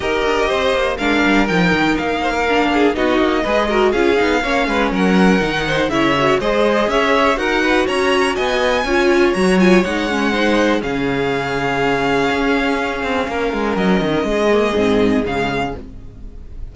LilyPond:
<<
  \new Staff \with { instrumentName = "violin" } { \time 4/4 \tempo 4 = 122 dis''2 f''4 g''4 | f''2 dis''2 | f''2 fis''2 | e''4 dis''4 e''4 fis''4 |
ais''4 gis''2 ais''8 gis''8 | fis''2 f''2~ | f''1 | dis''2. f''4 | }
  \new Staff \with { instrumentName = "violin" } { \time 4/4 ais'4 c''4 ais'2~ | ais'8 c''16 ais'8. gis'8 fis'4 b'8 ais'8 | gis'4 cis''8 b'8 ais'4. c''8 | cis''4 c''4 cis''4 ais'8 b'8 |
cis''4 dis''4 cis''2~ | cis''4 c''4 gis'2~ | gis'2. ais'4~ | ais'4 gis'2. | }
  \new Staff \with { instrumentName = "viola" } { \time 4/4 g'2 d'4 dis'4~ | dis'4 d'4 dis'4 gis'8 fis'8 | f'8 dis'8 cis'2 dis'4 | e'8 fis'8 gis'2 fis'4~ |
fis'2 f'4 fis'8 f'8 | dis'8 cis'8 dis'4 cis'2~ | cis'1~ | cis'4. ais8 c'4 gis4 | }
  \new Staff \with { instrumentName = "cello" } { \time 4/4 dis'8 d'8 c'8 ais8 gis8 g8 f8 dis8 | ais2 b8 ais8 gis4 | cis'8 b8 ais8 gis8 fis4 dis4 | cis4 gis4 cis'4 dis'4 |
cis'4 b4 cis'4 fis4 | gis2 cis2~ | cis4 cis'4. c'8 ais8 gis8 | fis8 dis8 gis4 gis,4 cis4 | }
>>